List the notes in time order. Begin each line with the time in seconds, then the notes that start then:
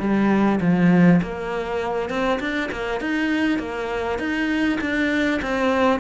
0.00 G3
0.61 F3
1.22 A#3
2.10 C4
2.40 D4
2.72 A#3
3.01 D#4
3.59 A#3
4.19 D#4
4.81 D4
5.42 C4